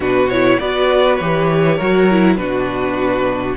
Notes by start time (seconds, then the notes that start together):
0.00 B2 D4 F#4 B4
0.29 E4 C#5
0.58 B3 F#4 B4 D5
1.15 E3 G4 C#5
1.76 F#3 F#4 A#4
2.10 E4
2.36 B2 D4 F#4 B4